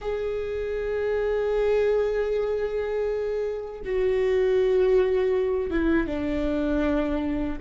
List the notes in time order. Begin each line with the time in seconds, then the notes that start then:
0.01 G#4
3.84 F#4
5.70 E4
6.07 D4